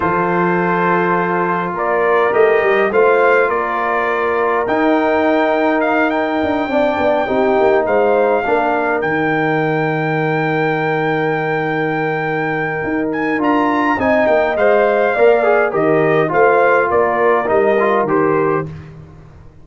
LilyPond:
<<
  \new Staff \with { instrumentName = "trumpet" } { \time 4/4 \tempo 4 = 103 c''2. d''4 | dis''4 f''4 d''2 | g''2 f''8 g''4.~ | g''4. f''2 g''8~ |
g''1~ | g''2~ g''8 gis''8 ais''4 | gis''8 g''8 f''2 dis''4 | f''4 d''4 dis''4 c''4 | }
  \new Staff \with { instrumentName = "horn" } { \time 4/4 a'2. ais'4~ | ais'4 c''4 ais'2~ | ais'2.~ ais'8 d''8~ | d''8 g'4 c''4 ais'4.~ |
ais'1~ | ais'1 | dis''2 d''4 ais'4 | c''4 ais'2. | }
  \new Staff \with { instrumentName = "trombone" } { \time 4/4 f'1 | g'4 f'2. | dis'2.~ dis'8 d'8~ | d'8 dis'2 d'4 dis'8~ |
dis'1~ | dis'2. f'4 | dis'4 c''4 ais'8 gis'8 g'4 | f'2 dis'8 f'8 g'4 | }
  \new Staff \with { instrumentName = "tuba" } { \time 4/4 f2. ais4 | a8 g8 a4 ais2 | dis'2. d'8 c'8 | b8 c'8 ais8 gis4 ais4 dis8~ |
dis1~ | dis2 dis'4 d'4 | c'8 ais8 gis4 ais4 dis4 | a4 ais4 g4 dis4 | }
>>